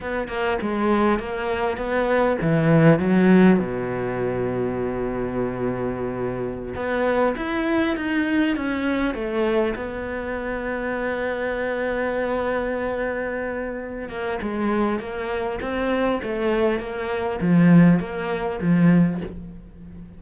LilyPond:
\new Staff \with { instrumentName = "cello" } { \time 4/4 \tempo 4 = 100 b8 ais8 gis4 ais4 b4 | e4 fis4 b,2~ | b,2.~ b,16 b8.~ | b16 e'4 dis'4 cis'4 a8.~ |
a16 b2.~ b8.~ | b2.~ b8 ais8 | gis4 ais4 c'4 a4 | ais4 f4 ais4 f4 | }